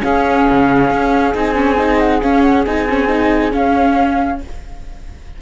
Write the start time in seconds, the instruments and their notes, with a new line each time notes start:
0.00 viola C#4, cello C#4, saxophone G#4, flute F5
0.49 cello C#3
0.90 cello C#4
1.34 cello C4, viola D#4, flute G#5
1.55 viola C#4
1.77 viola D#4
1.99 flute F#5
2.21 viola C#4, cello C#4, flute F5
2.42 flute F#5
2.65 cello C4, viola D#4, flute G#5
2.89 viola C#4
3.08 viola D#4
3.51 viola C#4, cello C#4, flute F5